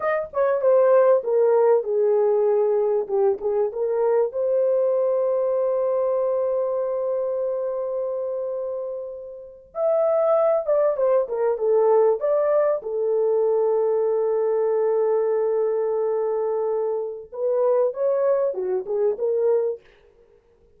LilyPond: \new Staff \with { instrumentName = "horn" } { \time 4/4 \tempo 4 = 97 dis''8 cis''8 c''4 ais'4 gis'4~ | gis'4 g'8 gis'8 ais'4 c''4~ | c''1~ | c''2.~ c''8. e''16~ |
e''4~ e''16 d''8 c''8 ais'8 a'4 d''16~ | d''8. a'2.~ a'16~ | a'1 | b'4 cis''4 fis'8 gis'8 ais'4 | }